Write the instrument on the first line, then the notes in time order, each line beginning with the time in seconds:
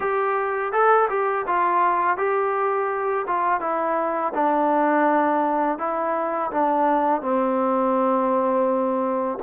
trombone
0.00 G4
0.72 A4
1.09 G4
1.46 F4
2.17 G4
3.27 F4
3.60 E4
4.34 D4
5.78 E4
6.51 D4
7.21 C4